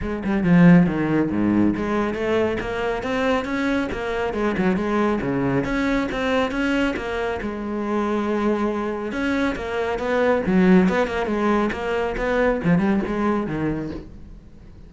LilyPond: \new Staff \with { instrumentName = "cello" } { \time 4/4 \tempo 4 = 138 gis8 g8 f4 dis4 gis,4 | gis4 a4 ais4 c'4 | cis'4 ais4 gis8 fis8 gis4 | cis4 cis'4 c'4 cis'4 |
ais4 gis2.~ | gis4 cis'4 ais4 b4 | fis4 b8 ais8 gis4 ais4 | b4 f8 g8 gis4 dis4 | }